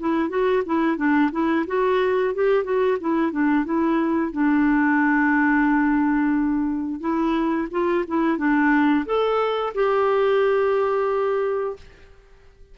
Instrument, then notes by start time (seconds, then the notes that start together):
clarinet
0.00 E4
0.30 F#4
0.66 E4
0.97 D4
1.32 E4
1.67 F#4
2.35 G4
2.64 F#4
3.01 E4
3.32 D4
3.65 E4
4.32 D4
7.01 E4
7.72 F4
8.08 E4
8.38 D4
9.06 A4
9.75 G4